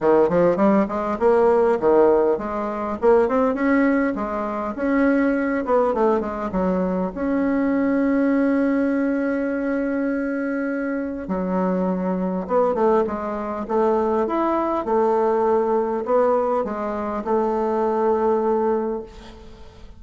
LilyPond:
\new Staff \with { instrumentName = "bassoon" } { \time 4/4 \tempo 4 = 101 dis8 f8 g8 gis8 ais4 dis4 | gis4 ais8 c'8 cis'4 gis4 | cis'4. b8 a8 gis8 fis4 | cis'1~ |
cis'2. fis4~ | fis4 b8 a8 gis4 a4 | e'4 a2 b4 | gis4 a2. | }